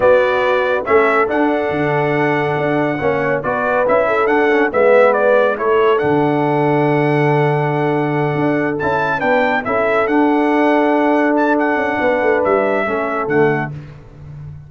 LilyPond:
<<
  \new Staff \with { instrumentName = "trumpet" } { \time 4/4 \tempo 4 = 140 d''2 e''4 fis''4~ | fis''1 | d''4 e''4 fis''4 e''4 | d''4 cis''4 fis''2~ |
fis''1~ | fis''8 a''4 g''4 e''4 fis''8~ | fis''2~ fis''8 a''8 fis''4~ | fis''4 e''2 fis''4 | }
  \new Staff \with { instrumentName = "horn" } { \time 4/4 fis'2 a'2~ | a'2. cis''4 | b'4. a'4. b'4~ | b'4 a'2.~ |
a'1~ | a'4. b'4 a'4.~ | a'1 | b'2 a'2 | }
  \new Staff \with { instrumentName = "trombone" } { \time 4/4 b2 cis'4 d'4~ | d'2. cis'4 | fis'4 e'4 d'8 cis'8 b4~ | b4 e'4 d'2~ |
d'1~ | d'8 e'4 d'4 e'4 d'8~ | d'1~ | d'2 cis'4 a4 | }
  \new Staff \with { instrumentName = "tuba" } { \time 4/4 b2 a4 d'4 | d2 d'4 ais4 | b4 cis'4 d'4 gis4~ | gis4 a4 d2~ |
d2.~ d8 d'8~ | d'8 cis'4 b4 cis'4 d'8~ | d'2.~ d'8 cis'8 | b8 a8 g4 a4 d4 | }
>>